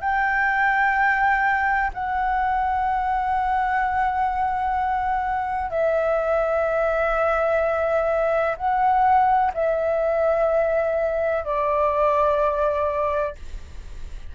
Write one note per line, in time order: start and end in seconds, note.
0.00 1.90 G5
1.94 5.70 F#5
5.70 8.56 E5
8.56 9.52 F#5
9.54 11.44 E5
11.44 13.35 D5